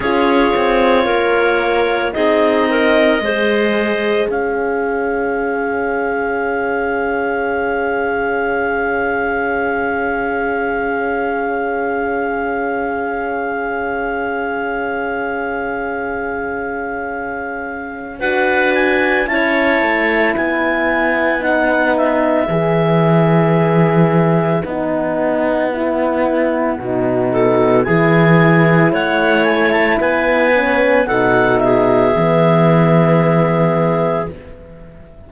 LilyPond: <<
  \new Staff \with { instrumentName = "clarinet" } { \time 4/4 \tempo 4 = 56 cis''2 dis''2 | f''1~ | f''1~ | f''1~ |
f''4 fis''8 gis''8 a''4 gis''4 | fis''8 e''2~ e''8 fis''4~ | fis''2 gis''4 fis''8 gis''16 a''16 | gis''4 fis''8 e''2~ e''8 | }
  \new Staff \with { instrumentName = "clarinet" } { \time 4/4 gis'4 ais'4 gis'8 ais'8 c''4 | cis''1~ | cis''1~ | cis''1~ |
cis''4 b'4 cis''4 b'4~ | b'1~ | b'4. a'8 gis'4 cis''4 | b'4 a'8 gis'2~ gis'8 | }
  \new Staff \with { instrumentName = "horn" } { \time 4/4 f'2 dis'4 gis'4~ | gis'1~ | gis'1~ | gis'1~ |
gis'4 fis'4 e'2 | dis'4 gis'2 dis'4 | e'4 dis'4 e'2~ | e'8 cis'8 dis'4 b2 | }
  \new Staff \with { instrumentName = "cello" } { \time 4/4 cis'8 c'8 ais4 c'4 gis4 | cis'1~ | cis'1~ | cis'1~ |
cis'4 d'4 cis'8 a8 b4~ | b4 e2 b4~ | b4 b,4 e4 a4 | b4 b,4 e2 | }
>>